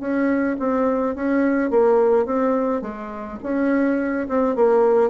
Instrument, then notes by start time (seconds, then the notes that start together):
bassoon
0.00 C#4
0.59 C4
1.16 C#4
1.71 A#3
2.26 C4
2.82 G#3
3.43 C#4
4.28 C4
4.56 A#3